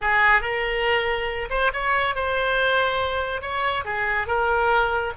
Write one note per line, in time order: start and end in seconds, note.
0.01 0.41 G#4
0.41 1.48 A#4
1.50 1.71 C5
1.73 2.15 C#5
2.15 3.41 C5
3.41 3.84 C#5
3.84 4.27 G#4
4.27 5.13 A#4